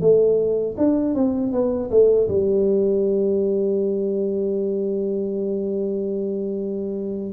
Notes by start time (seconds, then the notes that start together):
0.00 A3
0.77 D4
1.14 C4
1.52 B3
1.90 A3
2.28 G3